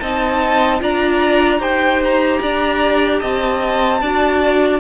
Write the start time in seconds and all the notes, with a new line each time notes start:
0.00 C4 D#4 D#5 A5
0.80 D4 F4 D5 A#5
1.60 D#4 G4 C5 G5
2.03 A#5
2.42 D4 D5
3.19 C4 D#5 A5
4.01 D4 F#4 D5